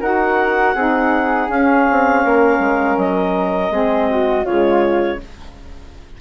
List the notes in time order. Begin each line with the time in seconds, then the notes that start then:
0.00 D#4 F#4 A#4 F#5
0.75 C4 D#4 G#4
1.49 C#4 F5
1.91 C4
2.24 A#3 A#4
2.59 G#3
2.97 F#3 D#5
3.70 G#3 C4 G#4
4.10 F#4
4.45 C#3 G#3 F4 C#5